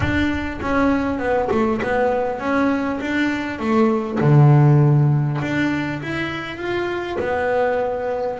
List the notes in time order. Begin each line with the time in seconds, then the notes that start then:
0.00 D4
0.61 C#4
1.18 B3
1.51 A3
1.81 B3
2.39 C#4
3.00 D4
3.59 A3
4.20 D3
5.41 D4
6.02 E4
6.57 F4
7.19 B3